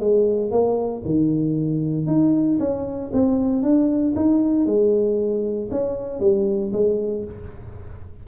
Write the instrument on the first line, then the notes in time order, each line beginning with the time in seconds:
tuba
0.00 G#3
0.51 A#3
1.05 D#3
2.07 D#4
2.60 C#4
3.13 C4
3.63 D4
4.16 D#4
4.66 G#3
5.71 C#4
6.20 G3
6.73 G#3